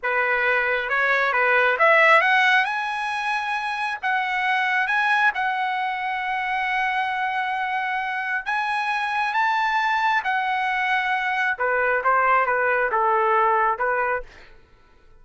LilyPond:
\new Staff \with { instrumentName = "trumpet" } { \time 4/4 \tempo 4 = 135 b'2 cis''4 b'4 | e''4 fis''4 gis''2~ | gis''4 fis''2 gis''4 | fis''1~ |
fis''2. gis''4~ | gis''4 a''2 fis''4~ | fis''2 b'4 c''4 | b'4 a'2 b'4 | }